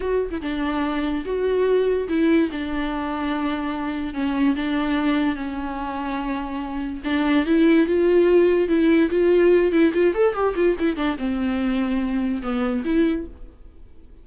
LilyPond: \new Staff \with { instrumentName = "viola" } { \time 4/4 \tempo 4 = 145 fis'8. e'16 d'2 fis'4~ | fis'4 e'4 d'2~ | d'2 cis'4 d'4~ | d'4 cis'2.~ |
cis'4 d'4 e'4 f'4~ | f'4 e'4 f'4. e'8 | f'8 a'8 g'8 f'8 e'8 d'8 c'4~ | c'2 b4 e'4 | }